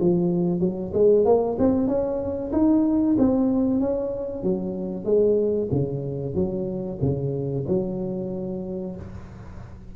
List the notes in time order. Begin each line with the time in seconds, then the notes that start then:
0.00 F3
0.60 F#3
0.93 G#3
1.25 A#3
1.59 C4
1.88 C#4
2.53 D#4
3.19 C4
3.80 C#4
4.43 F#3
5.05 G#3
5.72 C#3
6.35 F#3
7.02 C#3
7.68 F#3